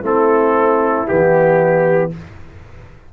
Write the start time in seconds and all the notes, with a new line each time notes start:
0.00 A3 C4 E4 A4
1.06 E3 B3 G4